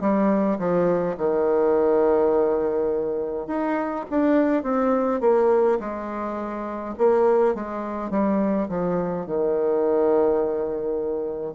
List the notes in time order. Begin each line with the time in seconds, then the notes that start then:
0.00 G3
0.58 F3
1.17 D#3
3.47 D#4
4.10 D4
4.63 C4
5.20 A#3
5.80 G#3
6.98 A#3
7.54 G#3
8.10 G3
8.68 F3
9.26 D#3